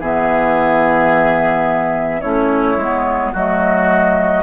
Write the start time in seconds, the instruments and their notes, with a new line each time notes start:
0.00 bassoon E3, clarinet B3, oboe G#4, flute E5
2.21 bassoon A3, clarinet C#4, oboe E4, flute C#5
2.76 bassoon G#3, clarinet B3
3.32 bassoon F#3, clarinet A3, oboe F#4, flute D#5